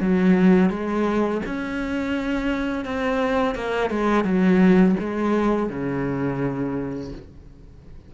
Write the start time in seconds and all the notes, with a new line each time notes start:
0.00 F#3
0.70 G#3
1.46 C#4
2.85 C4
3.55 A#3
3.90 G#3
4.24 F#3
5.00 G#3
5.69 C#3